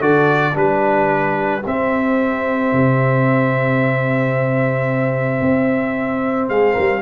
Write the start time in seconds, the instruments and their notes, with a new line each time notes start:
0.00 tuba D3, trombone F#4, horn A4, trumpet D5
0.53 tuba G3, trombone D4, horn G4, trumpet B4
1.65 tuba C4, trombone C4, trumpet E5
2.72 tuba C3
5.41 tuba C4
6.49 tuba G#3, horn G#4, trumpet F5
6.73 tuba G3, horn A#4